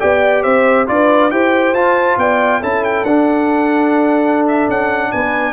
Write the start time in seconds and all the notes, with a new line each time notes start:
0.00 B3 G4 D5 G5
0.43 C4 C5 E5
0.87 D4 F4 B4 D5
1.31 E4 G4 C5 G5
1.74 F4 A5
2.18 B3 D5 G5
2.61 C#4 E4 A4 A5
2.84 G5
3.04 D4 F#5
4.48 E5
4.69 C#4 F#5
5.12 B3 B4 G#5